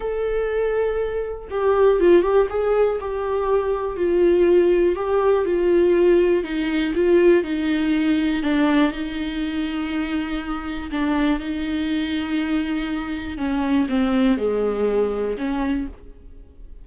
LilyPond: \new Staff \with { instrumentName = "viola" } { \time 4/4 \tempo 4 = 121 a'2. g'4 | f'8 g'8 gis'4 g'2 | f'2 g'4 f'4~ | f'4 dis'4 f'4 dis'4~ |
dis'4 d'4 dis'2~ | dis'2 d'4 dis'4~ | dis'2. cis'4 | c'4 gis2 cis'4 | }